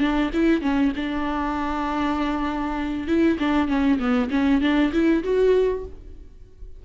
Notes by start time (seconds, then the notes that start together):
0.00 D4
0.34 E4
0.62 C#4
0.96 D4
3.08 E4
3.39 D4
3.68 C#4
3.99 B3
4.31 C#4
4.61 D4
4.93 E4
5.24 F#4